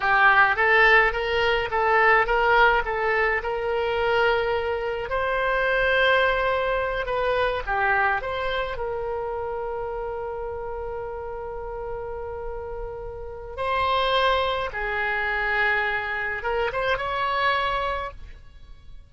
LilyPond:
\new Staff \with { instrumentName = "oboe" } { \time 4/4 \tempo 4 = 106 g'4 a'4 ais'4 a'4 | ais'4 a'4 ais'2~ | ais'4 c''2.~ | c''8 b'4 g'4 c''4 ais'8~ |
ais'1~ | ais'1 | c''2 gis'2~ | gis'4 ais'8 c''8 cis''2 | }